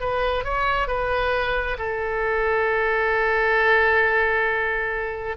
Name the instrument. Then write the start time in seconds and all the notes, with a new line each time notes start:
oboe
0.00 B4
0.44 C#5
0.88 B4
1.78 A4